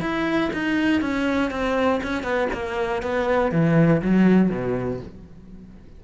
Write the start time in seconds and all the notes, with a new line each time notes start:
0.00 E4
0.53 D#4
1.01 C#4
1.50 C4
2.03 C#4
2.23 B3
2.53 A#3
3.02 B3
3.51 E3
4.02 F#3
4.50 B2